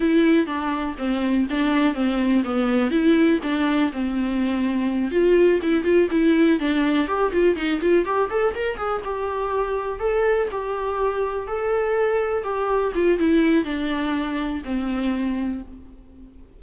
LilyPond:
\new Staff \with { instrumentName = "viola" } { \time 4/4 \tempo 4 = 123 e'4 d'4 c'4 d'4 | c'4 b4 e'4 d'4 | c'2~ c'8 f'4 e'8 | f'8 e'4 d'4 g'8 f'8 dis'8 |
f'8 g'8 a'8 ais'8 gis'8 g'4.~ | g'8 a'4 g'2 a'8~ | a'4. g'4 f'8 e'4 | d'2 c'2 | }